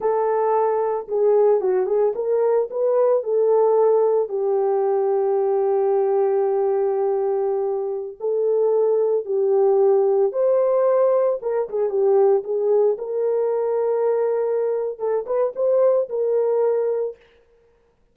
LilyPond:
\new Staff \with { instrumentName = "horn" } { \time 4/4 \tempo 4 = 112 a'2 gis'4 fis'8 gis'8 | ais'4 b'4 a'2 | g'1~ | g'2.~ g'16 a'8.~ |
a'4~ a'16 g'2 c''8.~ | c''4~ c''16 ais'8 gis'8 g'4 gis'8.~ | gis'16 ais'2.~ ais'8. | a'8 b'8 c''4 ais'2 | }